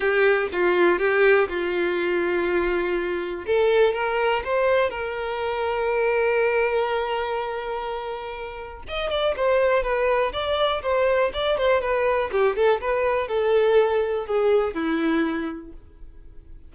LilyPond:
\new Staff \with { instrumentName = "violin" } { \time 4/4 \tempo 4 = 122 g'4 f'4 g'4 f'4~ | f'2. a'4 | ais'4 c''4 ais'2~ | ais'1~ |
ais'2 dis''8 d''8 c''4 | b'4 d''4 c''4 d''8 c''8 | b'4 g'8 a'8 b'4 a'4~ | a'4 gis'4 e'2 | }